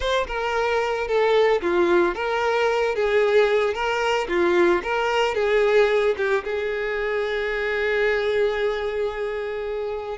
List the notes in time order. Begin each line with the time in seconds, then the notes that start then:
0.00 C5
0.27 A#4
1.07 A4
1.61 F4
2.14 A#4
2.95 G#4
3.74 A#4
4.28 F4
4.83 A#4
5.34 G#4
6.17 G4
6.44 G#4